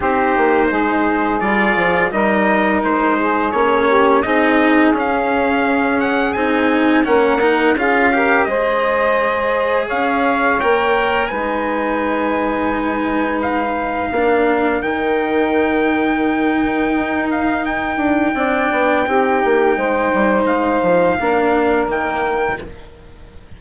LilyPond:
<<
  \new Staff \with { instrumentName = "trumpet" } { \time 4/4 \tempo 4 = 85 c''2 d''4 dis''4 | c''4 cis''4 dis''4 f''4~ | f''8 fis''8 gis''4 fis''4 f''4 | dis''2 f''4 g''4 |
gis''2. f''4~ | f''4 g''2.~ | g''8 f''8 g''2.~ | g''4 f''2 g''4 | }
  \new Staff \with { instrumentName = "saxophone" } { \time 4/4 g'4 gis'2 ais'4~ | ais'8 gis'4 g'8 gis'2~ | gis'2 ais'4 gis'8 ais'8 | c''2 cis''2 |
b'1 | ais'1~ | ais'2 d''4 g'4 | c''2 ais'2 | }
  \new Staff \with { instrumentName = "cello" } { \time 4/4 dis'2 f'4 dis'4~ | dis'4 cis'4 dis'4 cis'4~ | cis'4 dis'4 cis'8 dis'8 f'8 g'8 | gis'2. ais'4 |
dis'1 | d'4 dis'2.~ | dis'2 d'4 dis'4~ | dis'2 d'4 ais4 | }
  \new Staff \with { instrumentName = "bassoon" } { \time 4/4 c'8 ais8 gis4 g8 f8 g4 | gis4 ais4 c'4 cis'4~ | cis'4 c'4 ais4 cis'4 | gis2 cis'4 ais4 |
gis1 | ais4 dis2. | dis'4. d'8 c'8 b8 c'8 ais8 | gis8 g8 gis8 f8 ais4 dis4 | }
>>